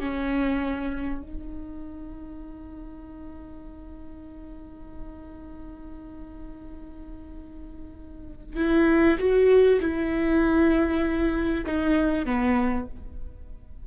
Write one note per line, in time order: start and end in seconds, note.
0.00 1.22 C#4
1.22 8.57 D#4
8.57 9.18 E4
9.18 9.80 F#4
9.81 11.64 E4
11.66 12.25 D#4
12.25 12.87 B3